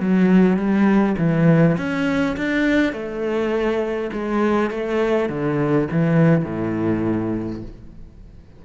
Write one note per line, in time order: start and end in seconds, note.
0.00 0.57 F#3
0.57 1.16 G3
1.18 1.77 E3
1.78 2.37 C#4
2.37 2.93 D4
2.93 4.10 A3
4.13 4.70 G#3
4.70 5.29 A3
5.29 5.88 D3
5.91 6.45 E3
6.45 7.62 A2